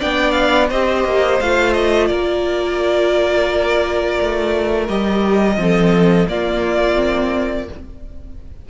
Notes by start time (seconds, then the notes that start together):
0.00 B3 D4 D5 G5
0.32 F5
0.69 C4 G4 C5 D#5
1.05 A#3
1.41 A3 F4 F5
1.73 D#5
2.07 A#3 A#4 D5
4.22 A3
4.88 G3 G4 D#5
5.57 F3 C4 A4
6.29 A#3 F4 D5
6.96 C4